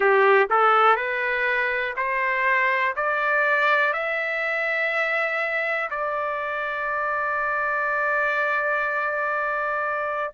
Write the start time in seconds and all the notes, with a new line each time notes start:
0.00 G4
0.50 A4
0.96 B4
1.96 C5
2.96 D5
3.93 E5
5.90 D5